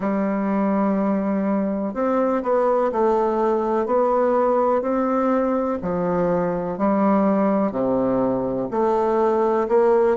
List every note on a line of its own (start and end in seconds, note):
0.00 1.94 G3
1.94 2.42 C4
2.42 2.91 B3
2.92 3.86 A3
3.86 4.81 B3
4.81 5.78 C4
5.82 6.77 F3
6.77 7.71 G3
7.71 8.68 C3
8.71 9.67 A3
9.68 10.16 A#3